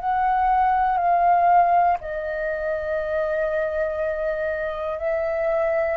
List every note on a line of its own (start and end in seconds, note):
0.00 0.97 F#5
0.97 1.97 F5
2.01 4.99 D#5
4.99 5.97 E5